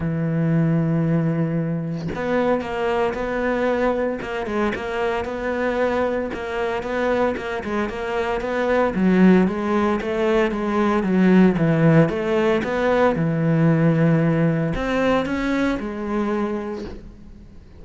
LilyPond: \new Staff \with { instrumentName = "cello" } { \time 4/4 \tempo 4 = 114 e1 | b4 ais4 b2 | ais8 gis8 ais4 b2 | ais4 b4 ais8 gis8 ais4 |
b4 fis4 gis4 a4 | gis4 fis4 e4 a4 | b4 e2. | c'4 cis'4 gis2 | }